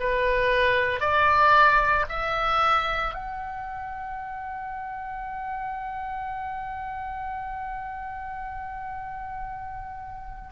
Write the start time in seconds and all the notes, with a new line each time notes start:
0.00 B4
1.00 D5
2.09 E5
3.14 F#5